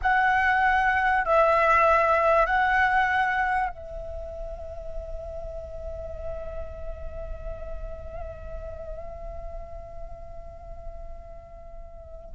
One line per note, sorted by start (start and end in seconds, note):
0.01 1.25 F#5
1.25 2.45 E5
2.45 3.69 F#5
3.69 12.34 E5